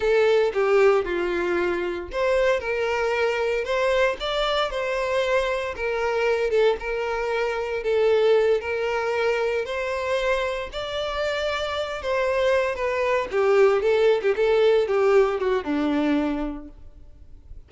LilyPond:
\new Staff \with { instrumentName = "violin" } { \time 4/4 \tempo 4 = 115 a'4 g'4 f'2 | c''4 ais'2 c''4 | d''4 c''2 ais'4~ | ais'8 a'8 ais'2 a'4~ |
a'8 ais'2 c''4.~ | c''8 d''2~ d''8 c''4~ | c''8 b'4 g'4 a'8. g'16 a'8~ | a'8 g'4 fis'8 d'2 | }